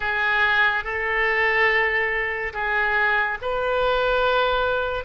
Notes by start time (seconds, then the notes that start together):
0.00 G#4
0.83 A4
2.53 G#4
3.41 B4